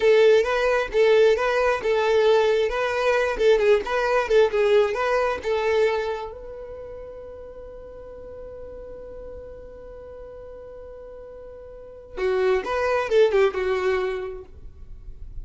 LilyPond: \new Staff \with { instrumentName = "violin" } { \time 4/4 \tempo 4 = 133 a'4 b'4 a'4 b'4 | a'2 b'4. a'8 | gis'8 b'4 a'8 gis'4 b'4 | a'2 b'2~ |
b'1~ | b'1~ | b'2. fis'4 | b'4 a'8 g'8 fis'2 | }